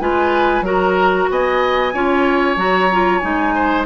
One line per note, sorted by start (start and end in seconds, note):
0.00 0.62 G#3
0.00 0.65 F4
0.00 0.65 B4
0.00 0.65 G#5
0.62 1.26 F#3
0.62 1.94 F#4
0.62 1.30 A#4
0.62 1.30 A#5
1.31 1.94 B3
1.31 1.94 D#5
1.31 2.59 G#5
1.94 2.57 C#4
1.94 2.57 F4
1.94 3.55 C#5
2.57 3.22 F#3
2.57 2.90 F#4
2.57 3.19 A#5
2.93 3.22 F4
3.19 3.87 G#3
3.19 3.87 D#4
3.19 3.84 G#5
3.55 3.87 C5